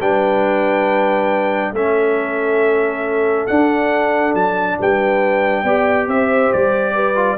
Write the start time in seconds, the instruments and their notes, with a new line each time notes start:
0.00 tuba G3, trombone D4, horn B4, trumpet G5
1.73 tuba A3, trombone C#4, horn A4, trumpet E5
3.47 trombone D4, tuba D4, trumpet F#5
4.35 tuba F#3, trumpet A5
4.80 tuba G3, horn B4, trumpet G5
5.64 tuba B3, trombone G4, horn D5
6.08 tuba C4, horn C5, trumpet E5
6.53 tuba G3, trumpet D5
6.95 horn B4
7.16 trombone F4